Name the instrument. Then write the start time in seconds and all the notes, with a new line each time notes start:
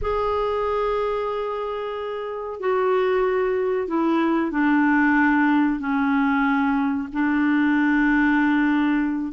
clarinet
0.01 G#4
2.60 F#4
3.87 E4
4.51 D4
5.79 C#4
7.12 D4